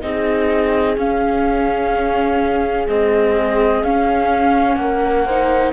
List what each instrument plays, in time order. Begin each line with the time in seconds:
0.00 cello C4, viola D#4, horn G#4, flute D#5
0.97 cello C#4, viola C#4, flute F5
2.87 viola G#3, cello C4, flute D#5
3.83 cello C#4, viola C#4, flute F5
4.75 cello A#3, horn A#4, flute F#5
5.25 viola D#4, horn C5